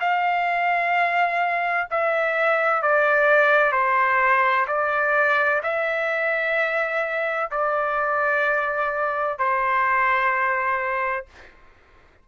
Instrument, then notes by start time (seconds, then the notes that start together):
trumpet
0.00 F5
1.90 E5
2.82 D5
3.72 C5
4.67 D5
5.62 E5
7.50 D5
9.38 C5